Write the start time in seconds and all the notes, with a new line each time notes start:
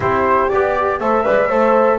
0.00 C4 E4 G4 C5
0.49 B3 G4 D5
0.99 A3 A4 C5 E5
1.24 G#3 B4 D5
1.48 A3 A4 C5